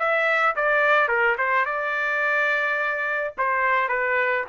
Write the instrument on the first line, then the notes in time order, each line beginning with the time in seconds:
trumpet
0.00 E5
0.56 D5
1.09 A#4
1.38 C5
1.66 D5
3.38 C5
3.89 B4